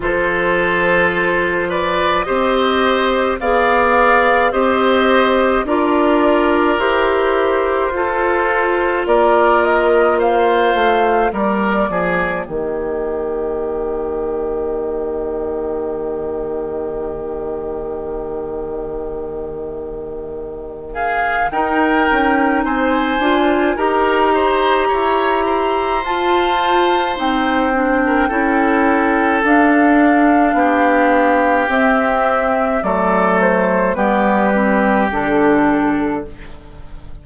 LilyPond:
<<
  \new Staff \with { instrumentName = "flute" } { \time 4/4 \tempo 4 = 53 c''4. d''8 dis''4 f''4 | dis''4 d''4 c''2 | d''8 dis''8 f''4 d''4 dis''4~ | dis''1~ |
dis''2~ dis''8 f''8 g''4 | gis''4 ais''2 a''4 | g''2 f''2 | e''4 d''8 c''8 b'4 a'4 | }
  \new Staff \with { instrumentName = "oboe" } { \time 4/4 a'4. b'8 c''4 d''4 | c''4 ais'2 a'4 | ais'4 c''4 ais'8 gis'8 g'4~ | g'1~ |
g'2~ g'8 gis'8 ais'4 | c''4 ais'8 c''8 cis''8 c''4.~ | c''8. ais'16 a'2 g'4~ | g'4 a'4 g'2 | }
  \new Staff \with { instrumentName = "clarinet" } { \time 4/4 f'2 g'4 gis'4 | g'4 f'4 g'4 f'4~ | f'2 ais2~ | ais1~ |
ais2. dis'4~ | dis'8 f'8 g'2 f'4 | dis'8 d'8 e'4 d'2 | c'4 a4 b8 c'8 d'4 | }
  \new Staff \with { instrumentName = "bassoon" } { \time 4/4 f2 c'4 b4 | c'4 d'4 e'4 f'4 | ais4. a8 g8 f8 dis4~ | dis1~ |
dis2. dis'8 cis'8 | c'8 d'8 dis'4 e'4 f'4 | c'4 cis'4 d'4 b4 | c'4 fis4 g4 d4 | }
>>